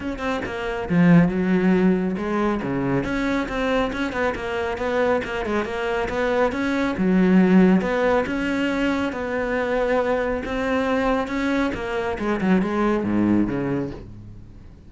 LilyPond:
\new Staff \with { instrumentName = "cello" } { \time 4/4 \tempo 4 = 138 cis'8 c'8 ais4 f4 fis4~ | fis4 gis4 cis4 cis'4 | c'4 cis'8 b8 ais4 b4 | ais8 gis8 ais4 b4 cis'4 |
fis2 b4 cis'4~ | cis'4 b2. | c'2 cis'4 ais4 | gis8 fis8 gis4 gis,4 cis4 | }